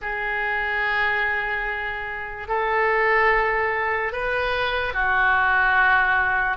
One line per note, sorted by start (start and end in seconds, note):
0.01 2.48 G#4
2.48 4.12 A4
4.12 4.93 B4
4.93 6.56 F#4